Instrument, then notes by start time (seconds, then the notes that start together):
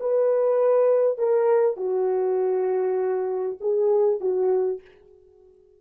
horn
0.00 B4
1.18 A#4
1.77 F#4
3.60 G#4
4.20 F#4